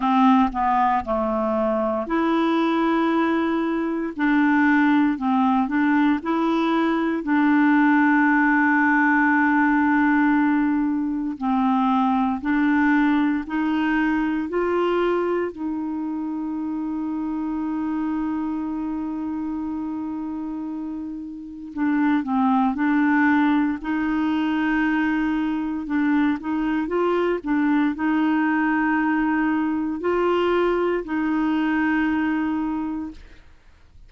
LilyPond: \new Staff \with { instrumentName = "clarinet" } { \time 4/4 \tempo 4 = 58 c'8 b8 a4 e'2 | d'4 c'8 d'8 e'4 d'4~ | d'2. c'4 | d'4 dis'4 f'4 dis'4~ |
dis'1~ | dis'4 d'8 c'8 d'4 dis'4~ | dis'4 d'8 dis'8 f'8 d'8 dis'4~ | dis'4 f'4 dis'2 | }